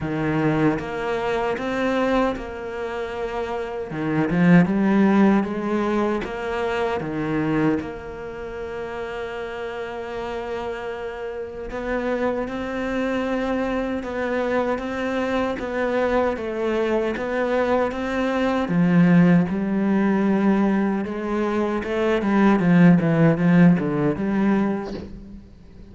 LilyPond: \new Staff \with { instrumentName = "cello" } { \time 4/4 \tempo 4 = 77 dis4 ais4 c'4 ais4~ | ais4 dis8 f8 g4 gis4 | ais4 dis4 ais2~ | ais2. b4 |
c'2 b4 c'4 | b4 a4 b4 c'4 | f4 g2 gis4 | a8 g8 f8 e8 f8 d8 g4 | }